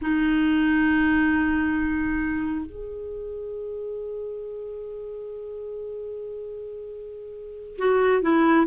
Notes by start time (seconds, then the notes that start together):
0.01 D#4
2.65 G#4
7.78 F#4
8.22 E4